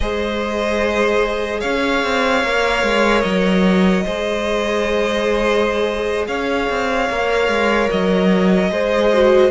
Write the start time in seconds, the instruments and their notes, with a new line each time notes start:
0.00 cello G#3, viola G#4, violin C5 D#5
1.60 cello C#4, violin C#5 F5
2.03 cello C4
2.43 cello A#3, viola A#4
2.82 cello G#3
3.21 cello F#3, violin D#5
4.04 cello G#3, viola G#4, violin C5
6.27 cello C#4, violin C#5 F5
6.69 cello C4
7.09 cello A#3, viola A#4
7.47 cello G#3
7.90 cello F#3, violin D#5
8.70 cello G#3, viola G#4, violin C5
9.13 viola F#4